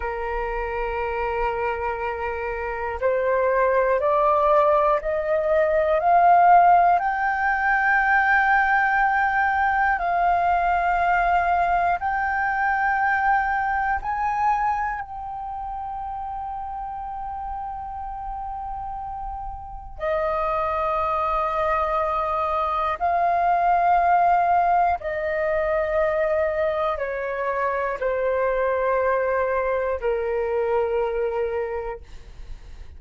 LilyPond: \new Staff \with { instrumentName = "flute" } { \time 4/4 \tempo 4 = 60 ais'2. c''4 | d''4 dis''4 f''4 g''4~ | g''2 f''2 | g''2 gis''4 g''4~ |
g''1 | dis''2. f''4~ | f''4 dis''2 cis''4 | c''2 ais'2 | }